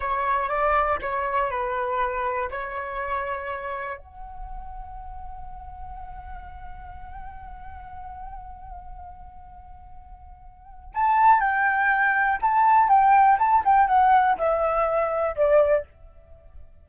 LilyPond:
\new Staff \with { instrumentName = "flute" } { \time 4/4 \tempo 4 = 121 cis''4 d''4 cis''4 b'4~ | b'4 cis''2. | fis''1~ | fis''1~ |
fis''1~ | fis''2 a''4 g''4~ | g''4 a''4 g''4 a''8 g''8 | fis''4 e''2 d''4 | }